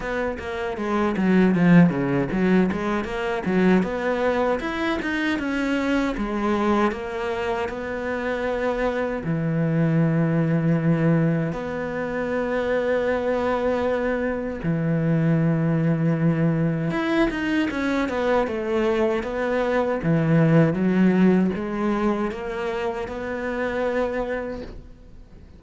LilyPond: \new Staff \with { instrumentName = "cello" } { \time 4/4 \tempo 4 = 78 b8 ais8 gis8 fis8 f8 cis8 fis8 gis8 | ais8 fis8 b4 e'8 dis'8 cis'4 | gis4 ais4 b2 | e2. b4~ |
b2. e4~ | e2 e'8 dis'8 cis'8 b8 | a4 b4 e4 fis4 | gis4 ais4 b2 | }